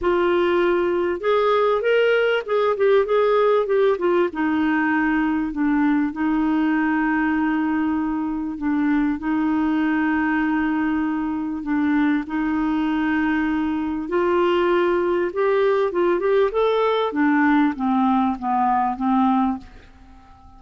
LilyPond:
\new Staff \with { instrumentName = "clarinet" } { \time 4/4 \tempo 4 = 98 f'2 gis'4 ais'4 | gis'8 g'8 gis'4 g'8 f'8 dis'4~ | dis'4 d'4 dis'2~ | dis'2 d'4 dis'4~ |
dis'2. d'4 | dis'2. f'4~ | f'4 g'4 f'8 g'8 a'4 | d'4 c'4 b4 c'4 | }